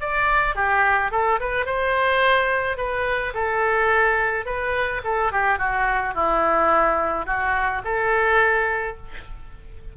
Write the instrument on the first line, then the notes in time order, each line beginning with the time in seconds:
oboe
0.00 D5
0.55 G4
1.11 A4
1.40 B4
1.65 C5
2.77 B4
3.34 A4
4.45 B4
5.04 A4
5.31 G4
5.58 F#4
6.14 E4
7.26 F#4
7.84 A4